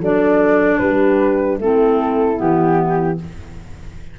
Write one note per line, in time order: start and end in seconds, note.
0.00 0.79 F#3
0.00 1.60 D4
0.00 0.79 A4
0.00 0.79 D5
0.79 1.59 G3
0.79 1.61 G4
0.79 1.58 B4
1.59 2.38 A3
1.59 2.36 C4
1.59 3.19 E4
1.59 2.40 A4
2.36 3.19 E3
2.36 3.15 B3
2.36 3.19 G4